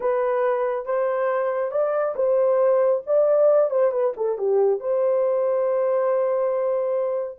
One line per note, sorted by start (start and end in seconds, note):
0.00 0.85 B4
0.85 1.71 C5
1.71 2.14 D5
2.15 3.02 C5
3.06 3.70 D5
3.70 3.91 C5
3.91 4.13 B4
4.16 4.37 A4
4.37 4.79 G4
4.79 7.39 C5